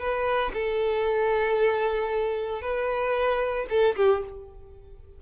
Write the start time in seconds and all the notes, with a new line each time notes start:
0.00 B4
0.54 A4
2.62 B4
3.70 A4
3.97 G4